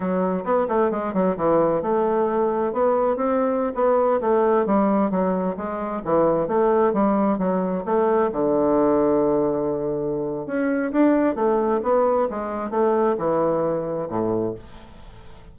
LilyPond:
\new Staff \with { instrumentName = "bassoon" } { \time 4/4 \tempo 4 = 132 fis4 b8 a8 gis8 fis8 e4 | a2 b4 c'4~ | c'16 b4 a4 g4 fis8.~ | fis16 gis4 e4 a4 g8.~ |
g16 fis4 a4 d4.~ d16~ | d2. cis'4 | d'4 a4 b4 gis4 | a4 e2 a,4 | }